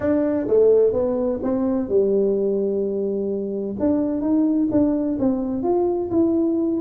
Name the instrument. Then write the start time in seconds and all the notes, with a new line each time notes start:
tuba
0.00 D4
0.47 A3
0.92 B3
1.43 C4
1.88 G3
3.79 D4
4.21 D#4
4.71 D4
5.19 C4
5.62 F4
6.10 E4